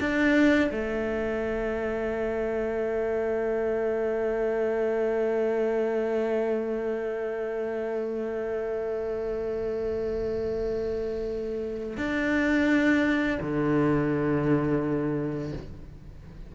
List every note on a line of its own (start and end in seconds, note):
0.00 0.71 D4
0.71 11.97 A3
11.97 13.38 D4
13.41 15.53 D3